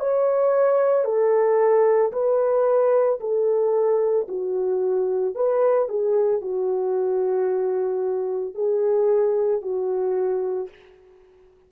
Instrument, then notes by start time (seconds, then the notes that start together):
horn
0.00 C#5
1.05 A4
2.12 B4
3.20 A4
4.28 F#4
5.35 B4
5.89 G#4
6.41 F#4
8.55 G#4
9.62 F#4